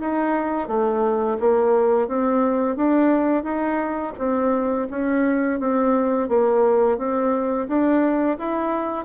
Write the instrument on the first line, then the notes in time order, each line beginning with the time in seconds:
bassoon
0.00 D#4
0.68 A3
1.40 A#3
2.08 C4
2.77 D4
3.44 D#4
4.18 C4
4.91 C#4
5.60 C4
6.29 A#3
6.98 C4
7.68 D4
8.38 E4